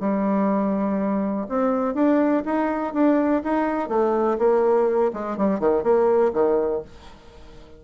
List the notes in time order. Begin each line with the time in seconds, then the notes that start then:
0.00 G3
1.49 C4
1.94 D4
2.45 D#4
2.94 D4
3.43 D#4
3.89 A3
4.38 A#3
5.13 G#3
5.37 G3
5.60 D#3
5.83 A#3
6.33 D#3